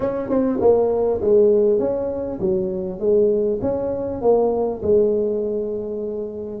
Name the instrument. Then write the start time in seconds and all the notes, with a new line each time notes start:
tuba
0.00 C#4
0.29 C4
0.61 A#3
1.21 G#3
1.79 C#4
2.40 F#3
2.99 G#3
3.61 C#4
4.21 A#3
4.82 G#3